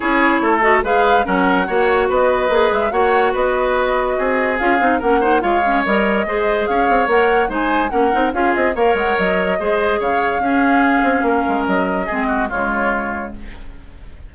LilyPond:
<<
  \new Staff \with { instrumentName = "flute" } { \time 4/4 \tempo 4 = 144 cis''4. dis''8 f''4 fis''4~ | fis''4 dis''4. e''8 fis''4 | dis''2. f''4 | fis''4 f''4 dis''2 |
f''4 fis''4 gis''4 fis''4 | f''8 dis''8 f''8 fis''8 dis''2 | f''1 | dis''2 cis''2 | }
  \new Staff \with { instrumentName = "oboe" } { \time 4/4 gis'4 a'4 b'4 ais'4 | cis''4 b'2 cis''4 | b'2 gis'2 | ais'8 c''8 cis''2 c''4 |
cis''2 c''4 ais'4 | gis'4 cis''2 c''4 | cis''4 gis'2 ais'4~ | ais'4 gis'8 fis'8 f'2 | }
  \new Staff \with { instrumentName = "clarinet" } { \time 4/4 e'4. fis'8 gis'4 cis'4 | fis'2 gis'4 fis'4~ | fis'2. f'8 dis'8 | cis'8 dis'8 f'8 cis'8 ais'4 gis'4~ |
gis'4 ais'4 dis'4 cis'8 dis'8 | f'4 ais'2 gis'4~ | gis'4 cis'2.~ | cis'4 c'4 gis2 | }
  \new Staff \with { instrumentName = "bassoon" } { \time 4/4 cis'4 a4 gis4 fis4 | ais4 b4 ais8 gis8 ais4 | b2 c'4 cis'8 c'8 | ais4 gis4 g4 gis4 |
cis'8 c'8 ais4 gis4 ais8 c'8 | cis'8 c'8 ais8 gis8 fis4 gis4 | cis4 cis'4. c'8 ais8 gis8 | fis4 gis4 cis2 | }
>>